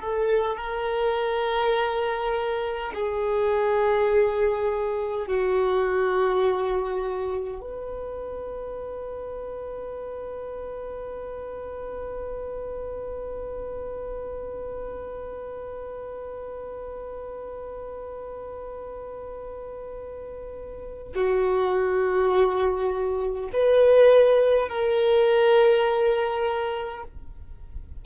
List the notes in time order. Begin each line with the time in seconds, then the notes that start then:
0.00 A4
0.57 A#4
2.94 G#4
5.27 F#4
7.60 B4
21.15 F#4
23.53 B4
24.69 A#4